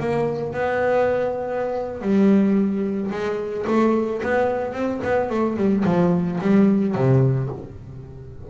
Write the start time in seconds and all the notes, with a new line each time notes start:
0.00 A#3
0.53 B3
2.02 G3
3.11 G#3
3.67 A3
4.23 B3
4.73 C4
5.04 B3
5.30 A3
5.57 G3
5.85 F3
6.41 G3
6.95 C3